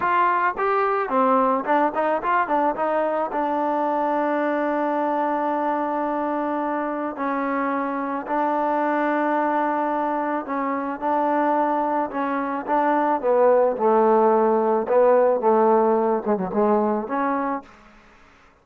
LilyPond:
\new Staff \with { instrumentName = "trombone" } { \time 4/4 \tempo 4 = 109 f'4 g'4 c'4 d'8 dis'8 | f'8 d'8 dis'4 d'2~ | d'1~ | d'4 cis'2 d'4~ |
d'2. cis'4 | d'2 cis'4 d'4 | b4 a2 b4 | a4. gis16 fis16 gis4 cis'4 | }